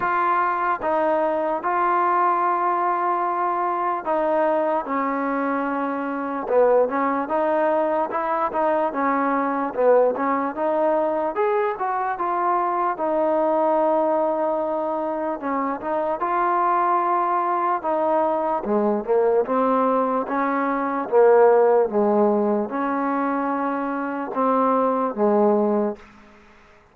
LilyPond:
\new Staff \with { instrumentName = "trombone" } { \time 4/4 \tempo 4 = 74 f'4 dis'4 f'2~ | f'4 dis'4 cis'2 | b8 cis'8 dis'4 e'8 dis'8 cis'4 | b8 cis'8 dis'4 gis'8 fis'8 f'4 |
dis'2. cis'8 dis'8 | f'2 dis'4 gis8 ais8 | c'4 cis'4 ais4 gis4 | cis'2 c'4 gis4 | }